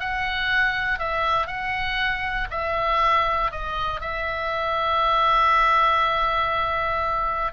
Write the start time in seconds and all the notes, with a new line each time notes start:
0.00 F#5
0.99 E5
1.47 F#5
2.51 E5
3.52 D#5
4.01 E5